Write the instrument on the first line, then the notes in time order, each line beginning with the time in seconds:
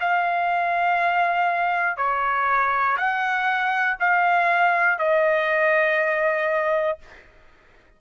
trumpet
0.00 F5
1.96 C#5
2.97 F#5
4.00 F5
4.99 D#5